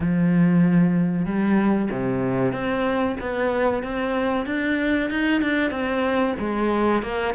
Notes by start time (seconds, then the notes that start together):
0.00 F3
1.25 G3
1.91 C3
2.52 C4
3.20 B3
3.83 C4
4.46 D4
5.10 D#4
5.41 D4
5.70 C4
6.39 G#3
7.02 A#3